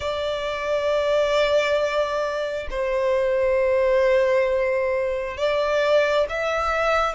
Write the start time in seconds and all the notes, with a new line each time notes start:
0.00 D5
2.70 C5
5.37 D5
6.29 E5